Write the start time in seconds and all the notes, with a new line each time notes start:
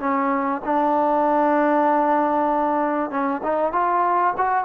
0.00 C#4
0.65 D4
3.11 C#4
3.44 D#4
3.73 F4
4.37 F#4